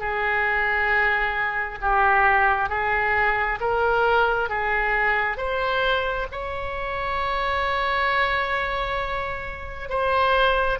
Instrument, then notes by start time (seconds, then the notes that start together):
oboe
0.00 G#4
1.82 G4
2.69 G#4
3.61 A#4
4.49 G#4
5.38 C5
6.32 C#5
9.90 C5